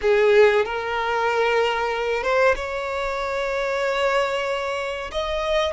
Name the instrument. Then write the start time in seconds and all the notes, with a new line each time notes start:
violin
0.01 G#4
0.65 A#4
2.23 C5
2.55 C#5
5.11 D#5